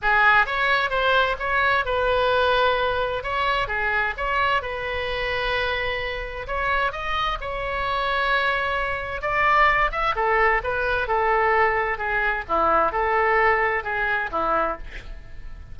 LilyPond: \new Staff \with { instrumentName = "oboe" } { \time 4/4 \tempo 4 = 130 gis'4 cis''4 c''4 cis''4 | b'2. cis''4 | gis'4 cis''4 b'2~ | b'2 cis''4 dis''4 |
cis''1 | d''4. e''8 a'4 b'4 | a'2 gis'4 e'4 | a'2 gis'4 e'4 | }